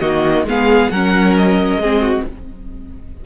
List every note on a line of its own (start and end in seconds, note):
0.00 0.45 D#3
0.00 0.45 A#3
0.00 0.45 F#4
0.00 0.44 D#5
0.45 0.89 G#3
0.45 0.92 B3
0.45 0.93 G#4
0.45 0.91 F5
0.91 1.76 F#3
0.91 1.82 C#4
0.91 1.81 A#4
0.91 1.35 F#5
1.37 2.25 D#5
1.76 2.20 G#3
1.76 2.26 C4
1.76 2.02 G#4
2.02 2.24 F#4